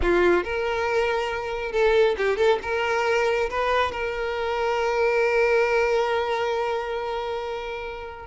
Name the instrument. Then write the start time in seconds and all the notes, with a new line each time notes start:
violin
0.01 F4
0.44 A#4
1.72 A4
2.17 G4
2.37 A4
2.62 A#4
3.50 B4
3.91 A#4